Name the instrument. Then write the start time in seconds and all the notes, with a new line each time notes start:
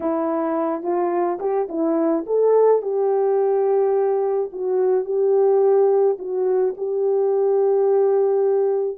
horn
0.00 E4
0.83 F4
1.40 G4
1.68 E4
2.26 A4
2.82 G4
4.52 F#4
5.05 G4
6.18 F#4
6.77 G4